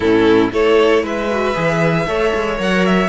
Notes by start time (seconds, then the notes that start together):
0.00 A2 C#4 E4 A4
0.51 A3 E4 A4 C#5
1.02 G#3 B4 E5
1.30 F#4
1.54 E3 G#4
2.06 A3 A4 C#5
2.34 G#3
2.56 F#3 A#4 F#5
2.85 E5